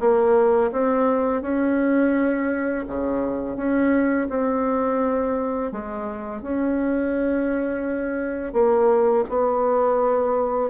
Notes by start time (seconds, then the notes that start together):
0.00 A#3
0.72 C4
1.42 C#4
2.88 C#3
3.56 C#4
4.30 C4
5.72 G#3
6.42 C#4
8.53 A#3
9.29 B3